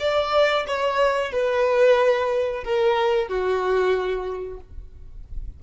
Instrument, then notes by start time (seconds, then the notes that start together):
violin
0.00 D5
0.67 C#5
1.32 B4
2.64 A#4
3.28 F#4